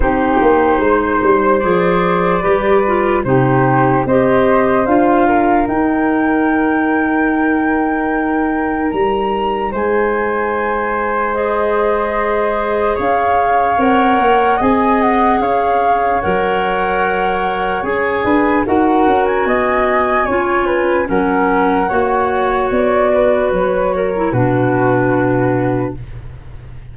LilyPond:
<<
  \new Staff \with { instrumentName = "flute" } { \time 4/4 \tempo 4 = 74 c''2 d''2 | c''4 dis''4 f''4 g''4~ | g''2. ais''4 | gis''2 dis''2 |
f''4 fis''4 gis''8 fis''8 f''4 | fis''2 gis''4 fis''8. gis''16~ | gis''2 fis''2 | d''4 cis''4 b'2 | }
  \new Staff \with { instrumentName = "flute" } { \time 4/4 g'4 c''2 b'4 | g'4 c''4. ais'4.~ | ais'1 | c''1 |
cis''2 dis''4 cis''4~ | cis''2~ cis''8 b'8 ais'4 | dis''4 cis''8 b'8 ais'4 cis''4~ | cis''8 b'4 ais'8 fis'2 | }
  \new Staff \with { instrumentName = "clarinet" } { \time 4/4 dis'2 gis'4 g'8 f'8 | dis'4 g'4 f'4 dis'4~ | dis'1~ | dis'2 gis'2~ |
gis'4 ais'4 gis'2 | ais'2 gis'4 fis'4~ | fis'4 f'4 cis'4 fis'4~ | fis'4.~ fis'16 e'16 d'2 | }
  \new Staff \with { instrumentName = "tuba" } { \time 4/4 c'8 ais8 gis8 g8 f4 g4 | c4 c'4 d'4 dis'4~ | dis'2. g4 | gis1 |
cis'4 c'8 ais8 c'4 cis'4 | fis2 cis'8 d'8 dis'8 cis'8 | b4 cis'4 fis4 ais4 | b4 fis4 b,2 | }
>>